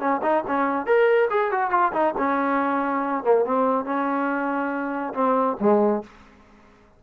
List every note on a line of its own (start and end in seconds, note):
0.00 0.21 C#4
0.23 0.44 D#4
0.48 0.86 C#4
0.86 1.29 A#4
1.31 1.52 G#4
1.52 1.71 F#4
1.71 1.92 F4
1.93 2.14 D#4
2.18 3.24 C#4
3.24 3.45 A#3
3.45 3.85 C4
3.85 5.14 C#4
5.14 5.57 C4
5.61 6.04 G#3